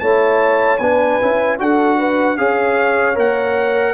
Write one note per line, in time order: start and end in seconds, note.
0.00 0.79 A3
0.00 0.79 E4
0.00 0.80 C#5
0.00 0.78 A5
0.78 1.19 B3
0.78 1.21 D4
0.78 1.59 B4
0.78 1.57 G#5
1.21 1.59 C#4
1.21 1.59 E4
1.59 2.38 D4
1.59 2.38 F#4
1.59 1.98 A4
1.59 2.38 F#5
1.98 2.38 B4
2.38 3.17 C#4
2.38 3.15 G#4
2.38 3.94 C#5
2.38 3.17 F5
3.15 3.94 A#3
3.15 3.94 A#4
3.15 3.94 F#5